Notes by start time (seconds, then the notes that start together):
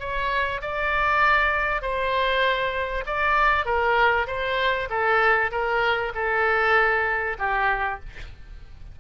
0.00 C#5
0.62 D5
1.82 C5
3.06 D5
3.66 A#4
4.28 C5
4.90 A4
5.52 A#4
6.15 A4
7.39 G4